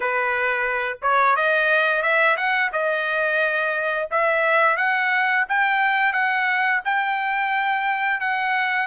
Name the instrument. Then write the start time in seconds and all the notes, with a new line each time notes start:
trumpet
0.00 B4
1.02 C#5
1.35 D#5
2.02 E5
2.36 F#5
2.72 D#5
4.10 E5
4.76 F#5
5.48 G5
6.12 F#5
6.84 G5
8.20 F#5